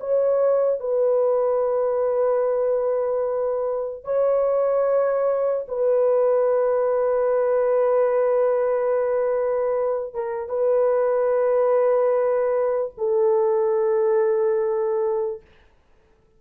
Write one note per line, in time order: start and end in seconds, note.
0.00 0.80 C#5
0.80 4.04 B4
4.04 5.66 C#5
5.68 10.14 B4
10.14 10.49 A#4
10.49 12.92 B4
12.98 15.41 A4